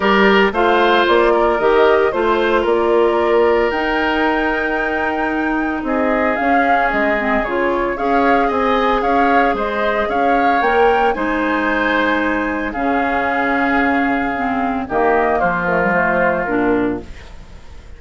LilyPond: <<
  \new Staff \with { instrumentName = "flute" } { \time 4/4 \tempo 4 = 113 d''4 f''4 d''4 dis''4 | c''4 d''2 g''4~ | g''2. dis''4 | f''4 dis''4 cis''4 f''4 |
gis''4 f''4 dis''4 f''4 | g''4 gis''2. | f''1 | dis''4 c''8 ais'8 c''4 ais'4 | }
  \new Staff \with { instrumentName = "oboe" } { \time 4/4 ais'4 c''4. ais'4. | c''4 ais'2.~ | ais'2. gis'4~ | gis'2. cis''4 |
dis''4 cis''4 c''4 cis''4~ | cis''4 c''2. | gis'1 | g'4 f'2. | }
  \new Staff \with { instrumentName = "clarinet" } { \time 4/4 g'4 f'2 g'4 | f'2. dis'4~ | dis'1 | cis'4. c'8 f'4 gis'4~ |
gis'1 | ais'4 dis'2. | cis'2. c'4 | ais4. a16 g16 a4 d'4 | }
  \new Staff \with { instrumentName = "bassoon" } { \time 4/4 g4 a4 ais4 dis4 | a4 ais2 dis'4~ | dis'2. c'4 | cis'4 gis4 cis4 cis'4 |
c'4 cis'4 gis4 cis'4 | ais4 gis2. | cis1 | dis4 f2 ais,4 | }
>>